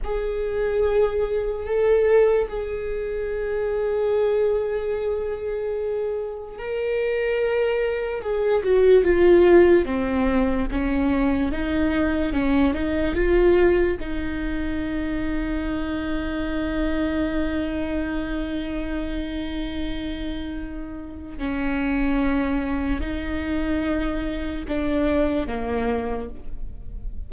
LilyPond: \new Staff \with { instrumentName = "viola" } { \time 4/4 \tempo 4 = 73 gis'2 a'4 gis'4~ | gis'1 | ais'2 gis'8 fis'8 f'4 | c'4 cis'4 dis'4 cis'8 dis'8 |
f'4 dis'2.~ | dis'1~ | dis'2 cis'2 | dis'2 d'4 ais4 | }